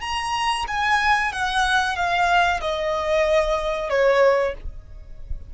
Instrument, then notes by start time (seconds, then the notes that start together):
violin
0.00 A#5
0.67 G#5
1.32 F#5
1.96 F5
2.60 D#5
3.89 C#5